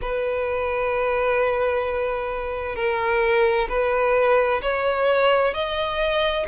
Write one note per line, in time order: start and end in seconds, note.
0.01 2.75 B4
2.75 3.68 A#4
3.68 4.61 B4
4.62 5.53 C#5
5.53 6.46 D#5